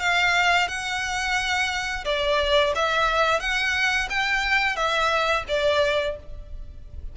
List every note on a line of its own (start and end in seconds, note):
0.00 0.68 F5
0.68 2.05 F#5
2.05 2.73 D5
2.75 3.40 E5
3.40 4.08 F#5
4.10 4.76 G5
4.76 5.44 E5
5.48 6.16 D5